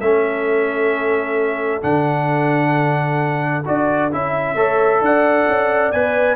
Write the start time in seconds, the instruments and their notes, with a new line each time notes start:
0.00 tuba A3, trombone C#4, horn A4, trumpet E5
1.82 tuba D3, trombone D4, trumpet F#5
3.65 tuba D4, trombone F#4, trumpet D5
4.11 tuba C#4, trombone E4, trumpet E5
4.55 tuba A3, trombone A4, horn C#5
5.01 tuba D4, horn D5, trumpet F#5
5.48 tuba C#4
5.91 tuba B3, trombone B4, trumpet G#5